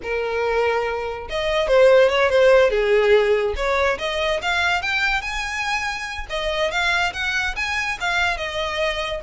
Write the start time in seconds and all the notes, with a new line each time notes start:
0.02 A#4
1.29 D#5
1.67 C5
2.09 C#5
2.29 C5
2.70 G#4
3.55 C#5
3.98 D#5
4.42 F5
4.82 G5
5.21 G#5
6.29 D#5
6.71 F5
7.13 F#5
7.55 G#5
8.00 F5
8.37 D#5